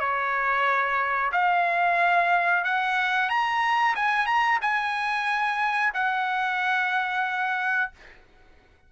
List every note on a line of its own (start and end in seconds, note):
0.00 1.32 C#5
1.32 2.64 F5
2.65 3.29 F#5
3.29 3.95 A#5
3.96 4.26 G#5
4.26 4.59 A#5
4.62 5.93 G#5
5.94 7.92 F#5